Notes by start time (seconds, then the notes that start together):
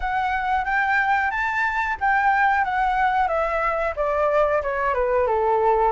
0.00 F#5
0.64 G5
1.30 A5
2.00 G5
2.64 F#5
3.28 E5
3.96 D5
4.62 C#5
4.94 B4
5.26 A4